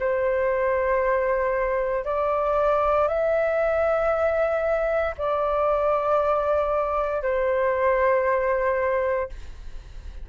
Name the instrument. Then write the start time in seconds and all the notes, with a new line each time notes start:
flute
0.00 C5
2.05 D5
3.08 E5
5.18 D5
7.23 C5